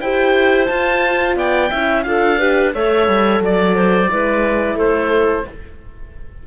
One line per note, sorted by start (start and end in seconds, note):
0.00 0.69 E4
0.00 0.67 G4
0.00 1.36 C5
0.00 0.66 G5
0.66 1.70 F4
0.66 1.36 F4
0.66 1.34 A5
1.36 1.70 B3
1.36 1.70 D5
1.36 2.02 G5
1.70 2.06 C#4
1.70 2.04 E4
1.70 2.04 E5
2.02 2.74 D4
2.02 2.38 F4
2.02 2.39 A4
2.02 2.70 F5
2.38 2.72 G4
2.38 2.73 B4
2.74 3.08 A3
2.74 4.09 A4
2.74 3.42 C#5
2.74 3.42 E5
3.08 3.39 G3
3.39 4.08 F#3
3.39 3.75 D5
3.39 4.78 D5
3.75 4.09 C5
4.09 4.75 G#3
4.09 5.45 E4
4.09 4.76 B4
4.75 5.43 A3
4.75 5.44 A4
4.75 5.46 C5